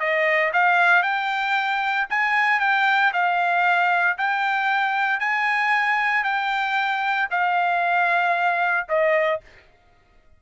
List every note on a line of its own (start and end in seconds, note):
0.00 0.52 D#5
0.53 1.03 F5
1.03 2.07 G5
2.10 2.60 G#5
2.60 3.12 G5
3.13 4.18 F5
4.18 5.20 G5
5.20 6.24 G#5
6.24 7.28 G5
7.31 8.87 F5
8.89 9.41 D#5